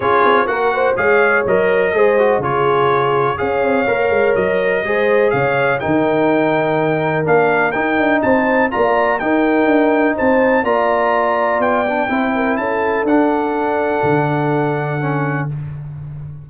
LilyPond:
<<
  \new Staff \with { instrumentName = "trumpet" } { \time 4/4 \tempo 4 = 124 cis''4 fis''4 f''4 dis''4~ | dis''4 cis''2 f''4~ | f''4 dis''2 f''4 | g''2. f''4 |
g''4 a''4 ais''4 g''4~ | g''4 a''4 ais''2 | g''2 a''4 fis''4~ | fis''1 | }
  \new Staff \with { instrumentName = "horn" } { \time 4/4 gis'4 ais'8 c''8 cis''2 | c''4 gis'2 cis''4~ | cis''2 c''4 cis''4 | ais'1~ |
ais'4 c''4 d''4 ais'4~ | ais'4 c''4 d''2~ | d''4 c''8 ais'8 a'2~ | a'1 | }
  \new Staff \with { instrumentName = "trombone" } { \time 4/4 f'4 fis'4 gis'4 ais'4 | gis'8 fis'8 f'2 gis'4 | ais'2 gis'2 | dis'2. d'4 |
dis'2 f'4 dis'4~ | dis'2 f'2~ | f'8 d'8 e'2 d'4~ | d'2. cis'4 | }
  \new Staff \with { instrumentName = "tuba" } { \time 4/4 cis'8 c'8 ais4 gis4 fis4 | gis4 cis2 cis'8 c'8 | ais8 gis8 fis4 gis4 cis4 | dis2. ais4 |
dis'8 d'8 c'4 ais4 dis'4 | d'4 c'4 ais2 | b4 c'4 cis'4 d'4~ | d'4 d2. | }
>>